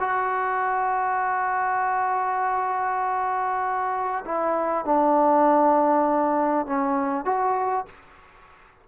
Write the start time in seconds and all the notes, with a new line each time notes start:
0.00 F#4
4.25 E4
4.85 D4
6.66 C#4
7.25 F#4